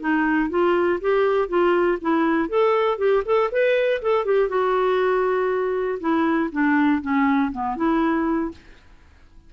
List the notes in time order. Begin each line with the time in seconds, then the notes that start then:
0.00 D#4
0.50 F4
1.01 G4
1.48 F4
2.01 E4
2.49 A4
2.98 G4
3.25 A4
3.51 B4
4.02 A4
4.25 G4
4.49 F#4
6.00 E4
6.52 D4
7.02 C#4
7.52 B3
7.76 E4